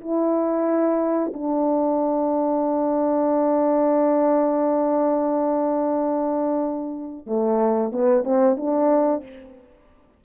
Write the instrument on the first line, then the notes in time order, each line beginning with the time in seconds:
horn
0.00 E4
1.33 D4
7.26 A3
7.92 B3
8.24 C4
8.57 D4